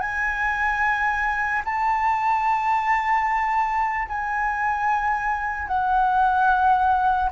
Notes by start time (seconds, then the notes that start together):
0.00 G#5
1.64 A5
4.08 G#5
5.68 F#5